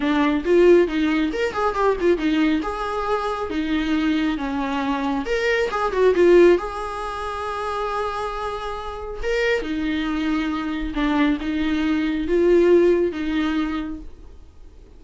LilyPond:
\new Staff \with { instrumentName = "viola" } { \time 4/4 \tempo 4 = 137 d'4 f'4 dis'4 ais'8 gis'8 | g'8 f'8 dis'4 gis'2 | dis'2 cis'2 | ais'4 gis'8 fis'8 f'4 gis'4~ |
gis'1~ | gis'4 ais'4 dis'2~ | dis'4 d'4 dis'2 | f'2 dis'2 | }